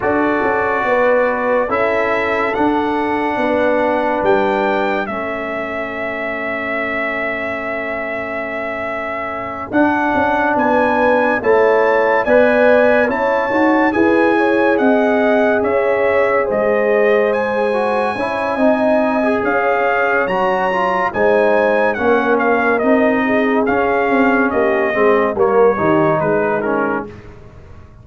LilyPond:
<<
  \new Staff \with { instrumentName = "trumpet" } { \time 4/4 \tempo 4 = 71 d''2 e''4 fis''4~ | fis''4 g''4 e''2~ | e''2.~ e''8 fis''8~ | fis''8 gis''4 a''4 gis''4 a''8~ |
a''8 gis''4 fis''4 e''4 dis''8~ | dis''8 gis''2~ gis''8 f''4 | ais''4 gis''4 fis''8 f''8 dis''4 | f''4 dis''4 cis''4 b'8 ais'8 | }
  \new Staff \with { instrumentName = "horn" } { \time 4/4 a'4 b'4 a'2 | b'2 a'2~ | a'1~ | a'8 b'4 cis''4 d''4 cis''8~ |
cis''8 b'8 cis''8 dis''4 cis''4 c''8~ | c''4. cis''8 dis''4 cis''4~ | cis''4 c''4 ais'4. gis'8~ | gis'4 g'8 gis'8 ais'8 g'8 dis'4 | }
  \new Staff \with { instrumentName = "trombone" } { \time 4/4 fis'2 e'4 d'4~ | d'2 cis'2~ | cis'2.~ cis'8 d'8~ | d'4. e'4 b'4 e'8 |
fis'8 gis'2.~ gis'8~ | gis'4 fis'8 e'8 dis'8. gis'4~ gis'16 | fis'8 f'8 dis'4 cis'4 dis'4 | cis'4. c'8 ais8 dis'4 cis'8 | }
  \new Staff \with { instrumentName = "tuba" } { \time 4/4 d'8 cis'8 b4 cis'4 d'4 | b4 g4 a2~ | a2.~ a8 d'8 | cis'8 b4 a4 b4 cis'8 |
dis'8 e'4 c'4 cis'4 gis8~ | gis4. cis'8 c'4 cis'4 | fis4 gis4 ais4 c'4 | cis'8 c'8 ais8 gis8 g8 dis8 gis4 | }
>>